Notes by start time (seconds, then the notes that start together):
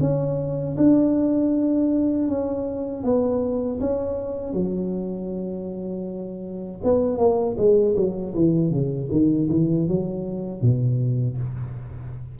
0.00 C#4
0.77 D4
2.28 C#4
3.03 B3
3.80 C#4
4.53 F#3
6.83 B3
7.18 A#3
7.57 G#3
7.96 F#3
8.34 E3
8.70 C#3
9.11 D#3
9.50 E3
9.88 F#3
10.61 B2